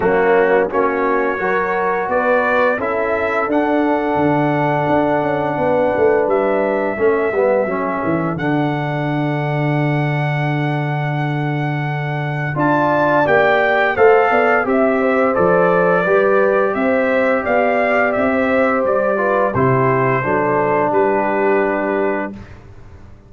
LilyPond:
<<
  \new Staff \with { instrumentName = "trumpet" } { \time 4/4 \tempo 4 = 86 fis'4 cis''2 d''4 | e''4 fis''2.~ | fis''4 e''2. | fis''1~ |
fis''2 a''4 g''4 | f''4 e''4 d''2 | e''4 f''4 e''4 d''4 | c''2 b'2 | }
  \new Staff \with { instrumentName = "horn" } { \time 4/4 cis'4 fis'4 ais'4 b'4 | a'1 | b'2 a'2~ | a'1~ |
a'2 d''2 | c''8 d''8 e''8 c''4. b'4 | c''4 d''4~ d''16 c''4~ c''16 b'8 | g'4 a'4 g'2 | }
  \new Staff \with { instrumentName = "trombone" } { \time 4/4 ais4 cis'4 fis'2 | e'4 d'2.~ | d'2 cis'8 b8 cis'4 | d'1~ |
d'2 f'4 g'4 | a'4 g'4 a'4 g'4~ | g'2.~ g'8 f'8 | e'4 d'2. | }
  \new Staff \with { instrumentName = "tuba" } { \time 4/4 fis4 ais4 fis4 b4 | cis'4 d'4 d4 d'8 cis'8 | b8 a8 g4 a8 g8 fis8 e8 | d1~ |
d2 d'4 ais4 | a8 b8 c'4 f4 g4 | c'4 b4 c'4 g4 | c4 fis4 g2 | }
>>